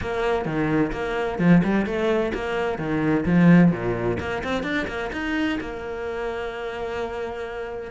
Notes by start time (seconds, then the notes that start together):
0.01 A#3
0.45 D#3
0.92 A#3
1.38 F3
1.63 G3
1.86 A3
2.34 A#3
2.78 D#3
3.25 F3
3.71 A#2
4.19 A#3
4.43 C4
4.63 D4
4.87 A#3
5.12 D#4
5.60 A#3